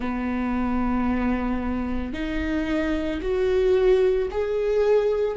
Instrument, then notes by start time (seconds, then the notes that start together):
viola
0.00 B3
2.13 D#4
3.21 F#4
4.31 G#4